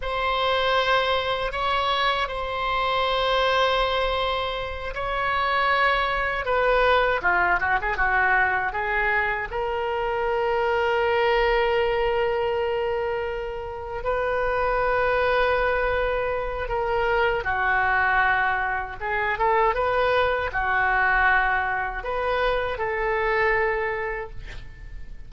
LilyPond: \new Staff \with { instrumentName = "oboe" } { \time 4/4 \tempo 4 = 79 c''2 cis''4 c''4~ | c''2~ c''8 cis''4.~ | cis''8 b'4 f'8 fis'16 gis'16 fis'4 gis'8~ | gis'8 ais'2.~ ais'8~ |
ais'2~ ais'8 b'4.~ | b'2 ais'4 fis'4~ | fis'4 gis'8 a'8 b'4 fis'4~ | fis'4 b'4 a'2 | }